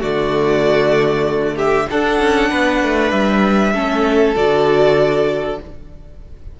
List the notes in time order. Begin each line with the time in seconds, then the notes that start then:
0.00 D3 A3 F#4 D5
1.55 G4 E5
1.90 D4 A4 F#5
2.19 C#4
2.49 B3 B4
2.83 A3
3.11 G3 E5
3.74 A3 C#4 A4
4.35 D3 F#4 D5